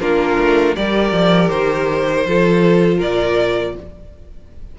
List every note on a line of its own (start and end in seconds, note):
0.00 0.38 A#3
0.00 0.75 D4
0.00 0.76 F4
0.00 0.75 A#4
0.39 0.76 A3
0.75 1.12 G3
0.75 2.25 G4
0.75 2.27 A#4
0.75 1.50 D5
1.12 1.49 F3
1.50 2.26 D#3
1.50 3.00 C5
2.26 3.00 F3
2.26 3.79 F4
2.26 2.98 A4
2.98 3.75 A#2
2.98 3.73 A#4
2.98 3.76 D5